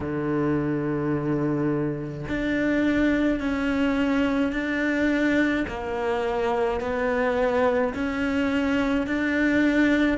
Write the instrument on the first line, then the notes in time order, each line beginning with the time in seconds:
cello
0.00 D3
2.28 D4
3.40 C#4
4.52 D4
5.68 A#3
6.80 B3
7.93 C#4
9.06 D4